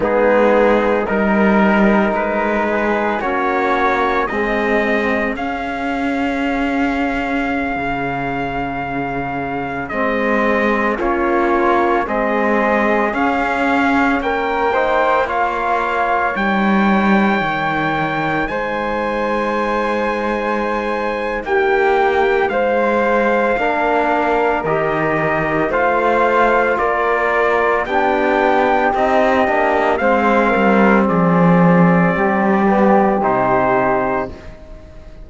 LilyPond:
<<
  \new Staff \with { instrumentName = "trumpet" } { \time 4/4 \tempo 4 = 56 gis'4 ais'4 b'4 cis''4 | dis''4 f''2.~ | f''4~ f''16 dis''4 cis''4 dis''8.~ | dis''16 f''4 g''4 f''4 g''8.~ |
g''4~ g''16 gis''2~ gis''8. | g''4 f''2 dis''4 | f''4 d''4 g''4 dis''4 | f''4 d''2 c''4 | }
  \new Staff \with { instrumentName = "flute" } { \time 4/4 dis'4 ais'4. gis'8 fis'4 | gis'1~ | gis'2~ gis'16 f'4 gis'8.~ | gis'4~ gis'16 ais'8 c''8 cis''4.~ cis''16~ |
cis''4~ cis''16 c''2~ c''8. | g'4 c''4 ais'2 | c''4 ais'4 g'2 | c''8 ais'8 gis'4 g'2 | }
  \new Staff \with { instrumentName = "trombone" } { \time 4/4 b4 dis'2 cis'4 | gis4 cis'2.~ | cis'4~ cis'16 c'4 cis'4 c'8.~ | c'16 cis'4. dis'8 f'4 dis'8.~ |
dis'1~ | dis'2 d'4 g'4 | f'2 d'4 dis'8 d'8 | c'2~ c'8 b8 dis'4 | }
  \new Staff \with { instrumentName = "cello" } { \time 4/4 gis4 g4 gis4 ais4 | c'4 cis'2~ cis'16 cis8.~ | cis4~ cis16 gis4 ais4 gis8.~ | gis16 cis'4 ais2 g8.~ |
g16 dis4 gis2~ gis8. | ais4 gis4 ais4 dis4 | a4 ais4 b4 c'8 ais8 | gis8 g8 f4 g4 c4 | }
>>